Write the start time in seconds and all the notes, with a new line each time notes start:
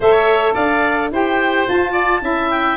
0.00 A3 A4 C#5 E5
0.54 D4 D5 F5
1.11 E4 G4 C5 G5
1.67 F4 A5
1.91 D5
2.21 C#4 E4 E5
2.50 G5